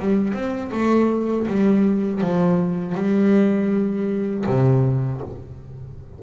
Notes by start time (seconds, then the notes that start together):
0.00 G3
0.34 C4
0.72 A3
1.48 G3
2.21 F3
2.95 G3
4.47 C3